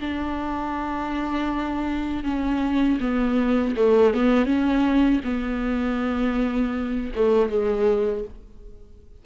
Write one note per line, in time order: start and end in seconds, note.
0.00 2.24 D4
2.24 2.99 C#4
3.00 3.75 B3
3.76 4.14 A3
4.14 4.46 B3
4.46 5.21 C#4
5.24 7.11 B3
7.15 7.49 A3
7.49 8.24 G#3